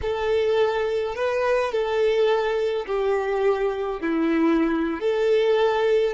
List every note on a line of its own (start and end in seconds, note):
0.01 1.15 A4
1.15 1.71 B4
1.71 2.86 A4
2.86 4.00 G4
4.00 5.00 E4
5.00 6.14 A4